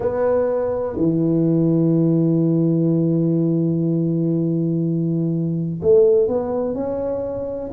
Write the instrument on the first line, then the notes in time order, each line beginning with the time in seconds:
tuba
0.00 B3
0.96 E3
5.82 A3
6.27 B3
6.74 C#4